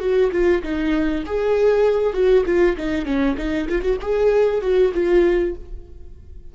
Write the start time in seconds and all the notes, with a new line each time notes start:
0.00 F#4
0.32 F4
0.63 D#4
1.26 G#4
2.13 F#4
2.46 F4
2.77 D#4
3.06 C#4
3.38 D#4
3.69 F4
3.82 F#4
4.02 G#4
4.62 F#4
4.94 F4